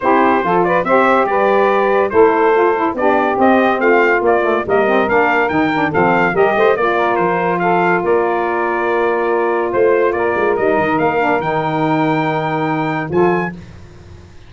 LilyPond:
<<
  \new Staff \with { instrumentName = "trumpet" } { \time 4/4 \tempo 4 = 142 c''4. d''8 e''4 d''4~ | d''4 c''2 d''4 | dis''4 f''4 d''4 dis''4 | f''4 g''4 f''4 dis''4 |
d''4 c''4 f''4 d''4~ | d''2. c''4 | d''4 dis''4 f''4 g''4~ | g''2. gis''4 | }
  \new Staff \with { instrumentName = "saxophone" } { \time 4/4 g'4 a'8 b'8 c''4 b'4~ | b'4 a'2 g'4~ | g'4 f'2 ais'4~ | ais'2 a'4 ais'8 c''8 |
d''8 ais'4. a'4 ais'4~ | ais'2. c''4 | ais'1~ | ais'2. a'4 | }
  \new Staff \with { instrumentName = "saxophone" } { \time 4/4 e'4 f'4 g'2~ | g'4 e'4 f'8 e'8 d'4 | c'2 ais8 a8 ais8 c'8 | d'4 dis'8 d'8 c'4 g'4 |
f'1~ | f'1~ | f'4 dis'4. d'8 dis'4~ | dis'2. f'4 | }
  \new Staff \with { instrumentName = "tuba" } { \time 4/4 c'4 f4 c'4 g4~ | g4 a2 b4 | c'4 a4 ais4 g4 | ais4 dis4 f4 g8 a8 |
ais4 f2 ais4~ | ais2. a4 | ais8 gis8 g8 dis8 ais4 dis4~ | dis2. f4 | }
>>